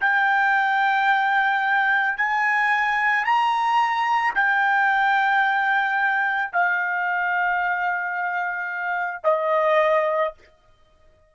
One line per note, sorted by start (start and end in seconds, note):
0.00 2.17 G5
2.17 3.24 G#5
3.24 4.33 A#5
4.34 6.52 G5
6.52 9.23 F5
9.23 10.32 D#5